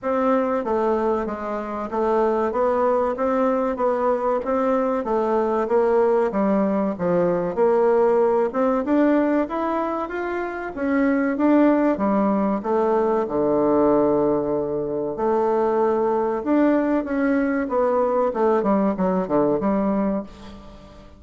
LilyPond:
\new Staff \with { instrumentName = "bassoon" } { \time 4/4 \tempo 4 = 95 c'4 a4 gis4 a4 | b4 c'4 b4 c'4 | a4 ais4 g4 f4 | ais4. c'8 d'4 e'4 |
f'4 cis'4 d'4 g4 | a4 d2. | a2 d'4 cis'4 | b4 a8 g8 fis8 d8 g4 | }